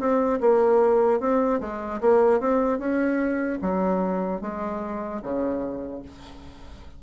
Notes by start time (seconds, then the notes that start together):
0.00 C4
0.41 A#3
1.20 C4
1.61 G#3
2.01 A#3
2.40 C4
2.79 C#4
3.62 F#3
4.42 G#3
5.23 C#3